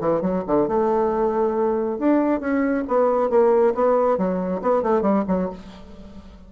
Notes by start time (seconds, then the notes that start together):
0.00 E3
0.21 F#3
0.46 D3
0.67 A3
1.98 D4
2.40 C#4
2.87 B3
3.29 A#3
3.74 B3
4.17 F#3
4.62 B3
4.82 A3
5.01 G3
5.28 F#3